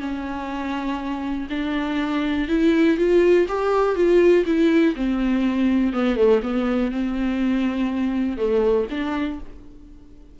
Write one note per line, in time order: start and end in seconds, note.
0.00 1.48 C#4
1.50 2.48 D4
2.49 2.98 E4
2.98 3.47 F4
3.49 3.95 G4
3.95 4.45 F4
4.46 4.95 E4
4.96 5.93 C4
5.93 6.17 B3
6.17 6.41 A3
6.43 6.92 B3
6.92 8.38 C4
8.38 8.87 A3
8.90 9.39 D4